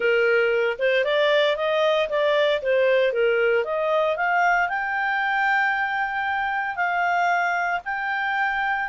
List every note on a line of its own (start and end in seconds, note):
0.00 0.77 A#4
0.78 1.04 C5
1.04 1.56 D5
1.56 2.08 D#5
2.09 2.61 D5
2.62 3.12 C5
3.12 3.64 A#4
3.64 4.16 D#5
4.16 4.68 F5
4.68 6.76 G5
6.76 7.80 F5
7.84 8.88 G5